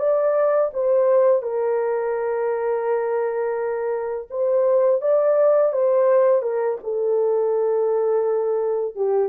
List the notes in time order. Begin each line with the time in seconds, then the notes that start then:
0.00 D5
0.74 C5
1.43 A#4
4.31 C5
5.02 D5
5.73 C5
6.43 A#4
6.84 A4
8.96 G4